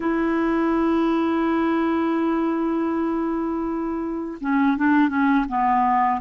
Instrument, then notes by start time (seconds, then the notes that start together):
clarinet
0.00 E4
4.40 C#4
4.77 D4
5.09 C#4
5.48 B3